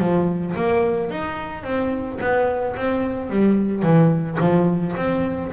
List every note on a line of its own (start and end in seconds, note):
0.00 0.55 F3
0.56 1.11 A#3
1.11 1.64 D#4
1.64 2.19 C4
2.21 2.76 B3
2.77 3.30 C4
3.30 3.83 G3
3.83 4.38 E3
4.41 4.96 F3
4.97 5.52 C4